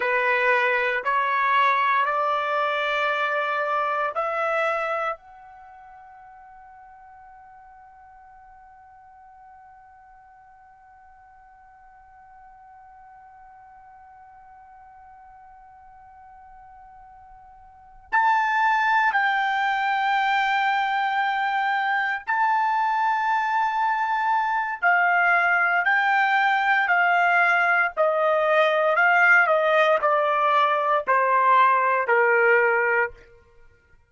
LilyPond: \new Staff \with { instrumentName = "trumpet" } { \time 4/4 \tempo 4 = 58 b'4 cis''4 d''2 | e''4 fis''2.~ | fis''1~ | fis''1~ |
fis''4. a''4 g''4.~ | g''4. a''2~ a''8 | f''4 g''4 f''4 dis''4 | f''8 dis''8 d''4 c''4 ais'4 | }